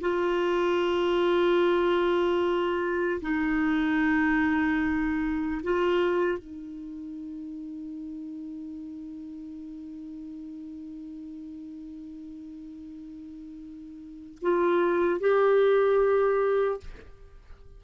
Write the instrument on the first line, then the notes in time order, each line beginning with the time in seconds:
clarinet
0.00 F4
3.21 D#4
5.63 F4
6.38 D#4
14.41 F4
15.20 G4